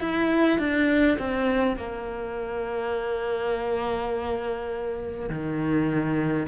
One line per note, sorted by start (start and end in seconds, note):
0.00 0.58 E4
0.58 1.17 D4
1.18 1.76 C4
1.76 5.29 A#3
5.29 6.47 D#3